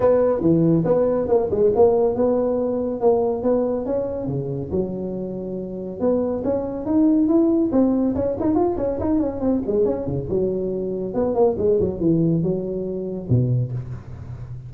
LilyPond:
\new Staff \with { instrumentName = "tuba" } { \time 4/4 \tempo 4 = 140 b4 e4 b4 ais8 gis8 | ais4 b2 ais4 | b4 cis'4 cis4 fis4~ | fis2 b4 cis'4 |
dis'4 e'4 c'4 cis'8 dis'8 | f'8 cis'8 dis'8 cis'8 c'8 gis8 cis'8 cis8 | fis2 b8 ais8 gis8 fis8 | e4 fis2 b,4 | }